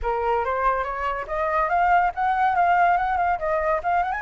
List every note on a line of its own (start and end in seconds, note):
0.02 0.44 A#4
0.45 0.83 C5
0.83 1.25 C#5
1.27 1.69 D#5
1.69 2.11 F5
2.15 2.55 F#5
2.55 2.97 F5
2.97 3.17 F#5
3.17 3.38 F5
3.39 3.81 D#5
3.83 4.03 F5
4.03 4.12 F#5
4.12 4.21 G#5